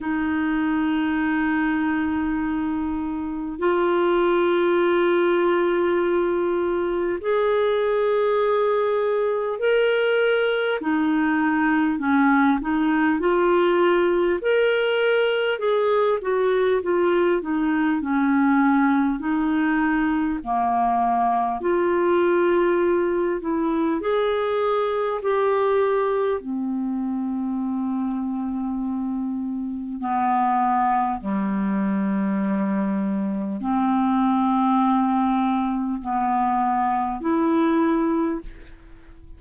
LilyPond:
\new Staff \with { instrumentName = "clarinet" } { \time 4/4 \tempo 4 = 50 dis'2. f'4~ | f'2 gis'2 | ais'4 dis'4 cis'8 dis'8 f'4 | ais'4 gis'8 fis'8 f'8 dis'8 cis'4 |
dis'4 ais4 f'4. e'8 | gis'4 g'4 c'2~ | c'4 b4 g2 | c'2 b4 e'4 | }